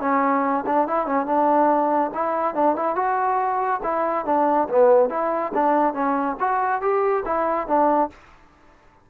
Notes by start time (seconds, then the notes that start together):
0.00 C#4
0.66 D4
0.87 E4
1.06 C#4
1.26 D4
2.14 E4
2.54 D4
2.75 E4
2.95 F#4
3.83 E4
4.25 D4
4.69 B3
5.09 E4
5.54 D4
5.94 C#4
6.40 F#4
6.81 G4
7.25 E4
7.67 D4